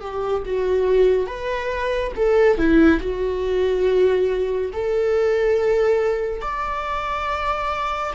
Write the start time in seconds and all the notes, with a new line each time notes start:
0.00 G4
0.45 F#4
1.26 B4
2.15 A4
2.58 E4
3.00 F#4
4.72 A4
6.41 D5